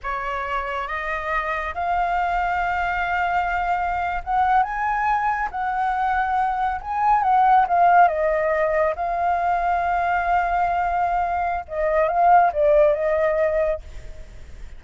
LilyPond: \new Staff \with { instrumentName = "flute" } { \time 4/4 \tempo 4 = 139 cis''2 dis''2 | f''1~ | f''4.~ f''16 fis''4 gis''4~ gis''16~ | gis''8. fis''2. gis''16~ |
gis''8. fis''4 f''4 dis''4~ dis''16~ | dis''8. f''2.~ f''16~ | f''2. dis''4 | f''4 d''4 dis''2 | }